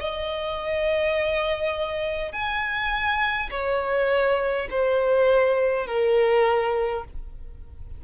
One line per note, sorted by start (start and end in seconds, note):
0.00 2.33 D#5
2.33 3.50 G#5
3.51 4.68 C#5
4.70 5.87 C5
5.87 7.04 A#4